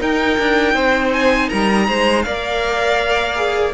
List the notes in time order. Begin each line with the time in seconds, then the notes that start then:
0.00 D#4 A#4 G5
0.40 D4
0.74 C4 C5
1.13 G#5
1.50 G3 A#4 A#5
1.88 G#3 C5
2.23 A#3 A#4 D5 F5
3.37 G#4